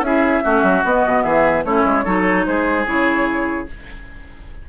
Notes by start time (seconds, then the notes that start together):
0.00 C#4 E4 G#4 E5
0.43 A3 C#4 F#4
0.62 F#3
0.84 B3 D#5
1.06 B2
1.22 E3 G#4 E5
1.64 A3 C#4 E4 C#5
1.84 G#3
2.04 F#3 D#4 A4
2.45 G#3 G#4 C5
2.85 C#3 E4 C#5